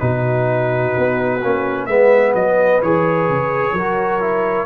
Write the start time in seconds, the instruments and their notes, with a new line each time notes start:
0.00 tuba B2, trombone D#4, horn F#4, trumpet B4
0.98 tuba B3
1.44 tuba A#3, trombone C#4
1.87 tuba G#3, trombone B3, horn B4, trumpet E5
2.35 tuba F#3, trumpet D#5
2.83 tuba E3, trombone G#4, trumpet C#5
3.29 tuba C#3
3.73 tuba F#3, trombone F#4, horn A#4
4.21 trombone E4